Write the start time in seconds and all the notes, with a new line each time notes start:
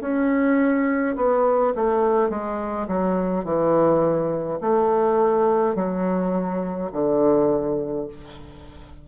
0.00 C#4
1.16 B3
1.75 A3
2.30 G#3
2.87 F#3
3.44 E3
4.60 A3
5.75 F#3
6.92 D3